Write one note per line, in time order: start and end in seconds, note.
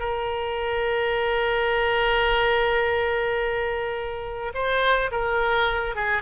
0.00 4.53 A#4
4.54 5.11 C5
5.12 5.96 A#4
5.96 6.23 G#4